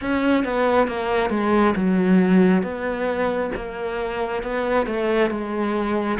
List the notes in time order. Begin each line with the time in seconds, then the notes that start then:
0.01 C#4
0.44 B3
0.87 A#3
1.30 G#3
1.75 F#3
2.62 B3
3.55 A#3
4.42 B3
4.86 A3
5.30 G#3